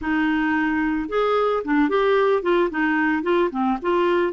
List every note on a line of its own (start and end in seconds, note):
0.01 1.09 D#4
1.09 1.63 G#4
1.64 1.89 D4
1.89 2.42 G4
2.42 2.69 F4
2.70 3.22 D#4
3.22 3.49 F4
3.50 3.77 C4
3.81 4.32 F4